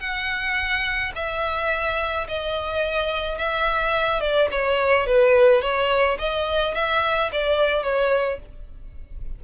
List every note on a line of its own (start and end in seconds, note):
0.00 1.12 F#5
1.15 2.27 E5
2.28 3.38 D#5
3.38 4.21 E5
4.21 4.49 D5
4.51 5.06 C#5
5.06 5.62 B4
5.62 6.18 C#5
6.19 6.75 D#5
6.75 7.31 E5
7.32 7.83 D5
7.83 8.39 C#5